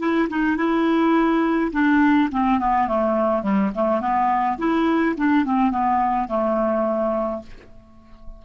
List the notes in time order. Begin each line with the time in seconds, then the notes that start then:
0.00 E4
0.30 D#4
0.57 E4
1.73 D4
2.32 C4
2.60 B3
2.88 A3
3.43 G3
3.76 A3
4.01 B3
4.59 E4
5.17 D4
5.45 C4
5.71 B3
6.29 A3